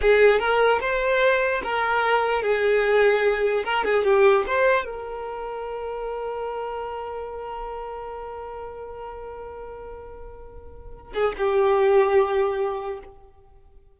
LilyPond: \new Staff \with { instrumentName = "violin" } { \time 4/4 \tempo 4 = 148 gis'4 ais'4 c''2 | ais'2 gis'2~ | gis'4 ais'8 gis'8 g'4 c''4 | ais'1~ |
ais'1~ | ais'1~ | ais'2.~ ais'8 gis'8 | g'1 | }